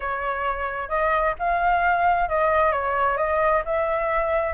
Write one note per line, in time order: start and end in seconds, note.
0.00 0.89 C#5
0.89 1.34 D#5
1.39 2.28 F5
2.28 2.71 D#5
2.71 3.17 C#5
3.17 3.62 D#5
3.65 4.53 E5